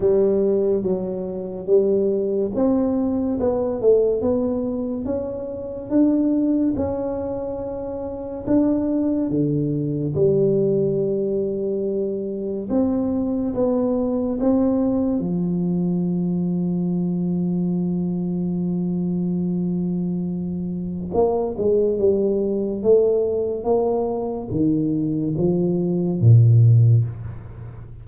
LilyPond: \new Staff \with { instrumentName = "tuba" } { \time 4/4 \tempo 4 = 71 g4 fis4 g4 c'4 | b8 a8 b4 cis'4 d'4 | cis'2 d'4 d4 | g2. c'4 |
b4 c'4 f2~ | f1~ | f4 ais8 gis8 g4 a4 | ais4 dis4 f4 ais,4 | }